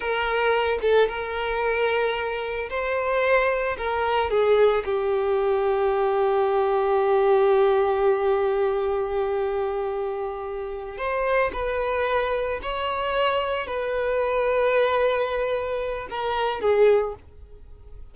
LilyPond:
\new Staff \with { instrumentName = "violin" } { \time 4/4 \tempo 4 = 112 ais'4. a'8 ais'2~ | ais'4 c''2 ais'4 | gis'4 g'2.~ | g'1~ |
g'1~ | g'8 c''4 b'2 cis''8~ | cis''4. b'2~ b'8~ | b'2 ais'4 gis'4 | }